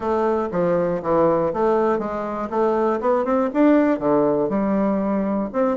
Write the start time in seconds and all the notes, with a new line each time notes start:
0.00 A3
0.51 F3
1.02 E3
1.52 A3
1.98 G#3
2.50 A3
3.00 B3
3.24 C4
3.53 D4
3.99 D3
4.49 G3
5.52 C4